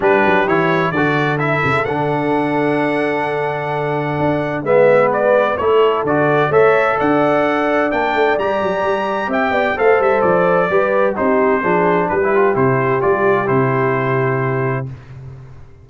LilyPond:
<<
  \new Staff \with { instrumentName = "trumpet" } { \time 4/4 \tempo 4 = 129 b'4 cis''4 d''4 e''4 | fis''1~ | fis''2 e''4 d''4 | cis''4 d''4 e''4 fis''4~ |
fis''4 g''4 ais''2 | g''4 f''8 e''8 d''2 | c''2 b'4 c''4 | d''4 c''2. | }
  \new Staff \with { instrumentName = "horn" } { \time 4/4 g'2 a'2~ | a'1~ | a'2 b'2 | a'2 cis''4 d''4~ |
d''1 | e''8 d''8 c''2 b'4 | g'4 gis'4 g'2~ | g'1 | }
  \new Staff \with { instrumentName = "trombone" } { \time 4/4 d'4 e'4 fis'4 e'4 | d'1~ | d'2 b2 | e'4 fis'4 a'2~ |
a'4 d'4 g'2~ | g'4 a'2 g'4 | dis'4 d'4~ d'16 e'16 f'8 e'4 | f'4 e'2. | }
  \new Staff \with { instrumentName = "tuba" } { \time 4/4 g8 fis8 e4 d4. cis8 | d1~ | d4 d'4 gis2 | a4 d4 a4 d'4~ |
d'4 ais8 a8 g8 fis8 g4 | c'8 b8 a8 g8 f4 g4 | c'4 f4 g4 c4 | g4 c2. | }
>>